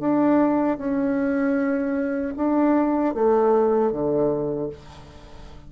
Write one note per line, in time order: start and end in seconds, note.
0.00 0.78 D4
0.78 2.34 C#4
2.37 3.14 D4
3.14 3.92 A3
3.92 4.70 D3